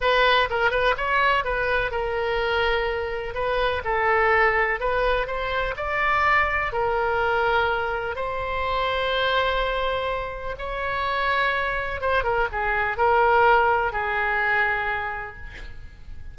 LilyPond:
\new Staff \with { instrumentName = "oboe" } { \time 4/4 \tempo 4 = 125 b'4 ais'8 b'8 cis''4 b'4 | ais'2. b'4 | a'2 b'4 c''4 | d''2 ais'2~ |
ais'4 c''2.~ | c''2 cis''2~ | cis''4 c''8 ais'8 gis'4 ais'4~ | ais'4 gis'2. | }